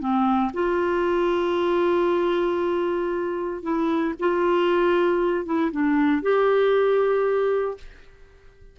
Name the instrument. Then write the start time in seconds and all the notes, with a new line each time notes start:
clarinet
0.00 C4
0.53 F4
3.63 E4
4.19 F4
5.45 E4
5.72 D4
6.22 G4